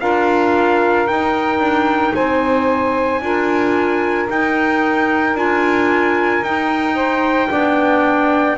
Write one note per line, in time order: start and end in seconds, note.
0.00 1.08 D4
0.00 1.08 F4
0.00 2.14 A#4
0.00 1.07 F5
1.07 3.22 D#4
1.07 1.59 D#4
1.07 2.14 G5
1.59 2.13 D4
2.14 3.21 C4
2.14 3.21 C5
2.14 4.29 G#5
3.21 4.28 D4
3.21 4.29 F4
3.21 6.95 A#4
4.29 5.36 D#4
4.29 5.34 D#4
4.29 5.37 G5
5.34 6.41 D4
5.34 6.43 F4
5.34 6.44 G#5
6.41 7.48 D#4
6.41 7.50 D#4
6.41 8.58 G5
6.95 7.48 C5
7.50 8.58 B3
7.50 8.57 D4
7.50 8.57 D5